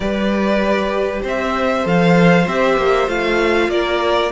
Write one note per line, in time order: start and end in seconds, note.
0.00 1.20 G3
0.00 1.82 G4
0.00 1.22 B4
0.00 1.23 D5
1.22 1.85 C4
1.22 3.69 C5
1.22 1.87 E5
1.82 2.47 F3
1.82 2.44 A4
1.82 2.47 F5
2.47 2.77 C4
2.47 3.07 G4
2.47 3.09 E5
2.77 3.07 A#3
3.07 3.68 A3
3.07 4.31 F4
3.07 3.70 F5
3.68 4.30 A#3
3.68 4.31 A#4
3.68 4.31 D5